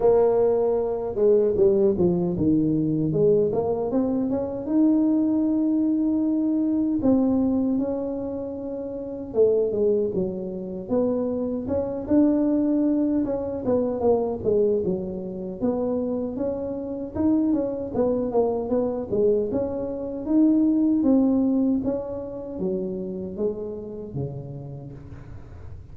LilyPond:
\new Staff \with { instrumentName = "tuba" } { \time 4/4 \tempo 4 = 77 ais4. gis8 g8 f8 dis4 | gis8 ais8 c'8 cis'8 dis'2~ | dis'4 c'4 cis'2 | a8 gis8 fis4 b4 cis'8 d'8~ |
d'4 cis'8 b8 ais8 gis8 fis4 | b4 cis'4 dis'8 cis'8 b8 ais8 | b8 gis8 cis'4 dis'4 c'4 | cis'4 fis4 gis4 cis4 | }